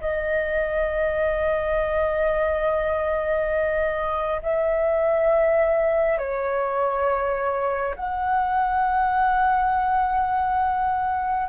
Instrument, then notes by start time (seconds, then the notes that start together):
flute
0.00 D#5
4.42 E5
6.18 C#5
7.95 F#5